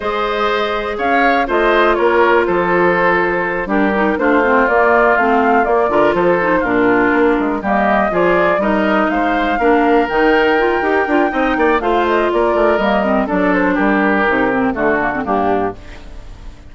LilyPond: <<
  \new Staff \with { instrumentName = "flute" } { \time 4/4 \tempo 4 = 122 dis''2 f''4 dis''4 | cis''4 c''2~ c''8 ais'8~ | ais'8 c''4 d''4 f''4 d''8~ | d''8 c''4 ais'2 dis''8~ |
dis''8 d''4 dis''4 f''4.~ | f''8 g''2.~ g''8 | f''8 dis''8 d''4 dis''4 d''8 c''8 | ais'2 a'4 g'4 | }
  \new Staff \with { instrumentName = "oboe" } { \time 4/4 c''2 cis''4 c''4 | ais'4 a'2~ a'8 g'8~ | g'8 f'2.~ f'8 | ais'8 a'4 f'2 g'8~ |
g'8 gis'4 ais'4 c''4 ais'8~ | ais'2. dis''8 d''8 | c''4 ais'2 a'4 | g'2 fis'4 d'4 | }
  \new Staff \with { instrumentName = "clarinet" } { \time 4/4 gis'2. f'4~ | f'2.~ f'8 d'8 | dis'8 d'8 c'8 ais4 c'4 ais8 | f'4 dis'8 d'2 ais8~ |
ais8 f'4 dis'2 d'8~ | d'8 dis'4 f'8 g'8 f'8 dis'4 | f'2 ais8 c'8 d'4~ | d'4 dis'8 c'8 a8 ais16 c'16 ais4 | }
  \new Staff \with { instrumentName = "bassoon" } { \time 4/4 gis2 cis'4 a4 | ais4 f2~ f8 g8~ | g8 a4 ais4 a4 ais8 | d8 f4 ais,4 ais8 gis8 g8~ |
g8 f4 g4 gis4 ais8~ | ais8 dis4. dis'8 d'8 c'8 ais8 | a4 ais8 a8 g4 fis4 | g4 c4 d4 g,4 | }
>>